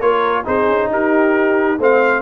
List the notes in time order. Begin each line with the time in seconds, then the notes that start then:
0.00 A#3 F4 A#4 C#5
0.44 C4 D#4 G#4 C5
0.68 C#4
0.90 D#4 G4 A#4
1.78 A3 C4 C5 F5